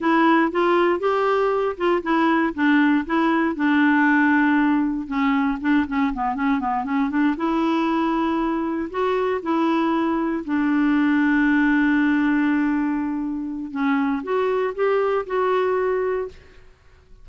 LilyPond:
\new Staff \with { instrumentName = "clarinet" } { \time 4/4 \tempo 4 = 118 e'4 f'4 g'4. f'8 | e'4 d'4 e'4 d'4~ | d'2 cis'4 d'8 cis'8 | b8 cis'8 b8 cis'8 d'8 e'4.~ |
e'4. fis'4 e'4.~ | e'8 d'2.~ d'8~ | d'2. cis'4 | fis'4 g'4 fis'2 | }